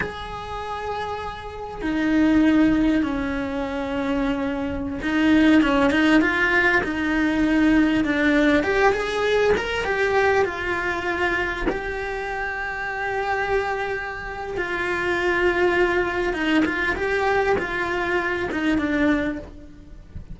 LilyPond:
\new Staff \with { instrumentName = "cello" } { \time 4/4 \tempo 4 = 99 gis'2. dis'4~ | dis'4 cis'2.~ | cis'16 dis'4 cis'8 dis'8 f'4 dis'8.~ | dis'4~ dis'16 d'4 g'8 gis'4 ais'16~ |
ais'16 g'4 f'2 g'8.~ | g'1 | f'2. dis'8 f'8 | g'4 f'4. dis'8 d'4 | }